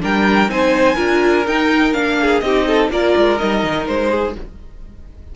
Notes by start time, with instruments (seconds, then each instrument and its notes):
0.00 cello G3, viola D4, violin A#4 G5
0.49 cello C4, viola D#4, violin C5 G#5
0.96 cello D4, viola F4, violin A#4
1.47 cello D#4, viola D#4, violin G5
1.94 cello A#3, viola D4, violin F5
2.21 violin G#4
2.41 cello C4, viola D#4, violin G4 D#5
2.68 violin A4
2.91 cello A#3, viola F4, violin A#4 D5
3.17 cello G#3
3.39 cello G3, viola D#4, violin D#5
3.64 cello D#3
3.88 cello G#3, violin C5
4.11 violin G#4